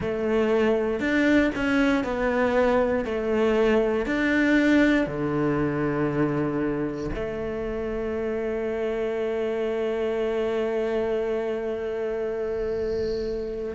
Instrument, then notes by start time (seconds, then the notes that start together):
cello
0.00 A3
0.99 D4
1.55 C#4
2.03 B3
3.04 A3
4.05 D4
5.07 D3
7.14 A3